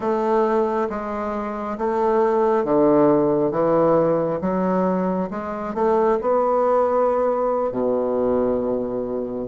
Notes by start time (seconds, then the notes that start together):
0.00 A3
0.89 G#3
1.78 A3
2.64 D3
3.51 E3
4.41 F#3
5.30 G#3
5.74 A3
6.21 B3
7.71 B2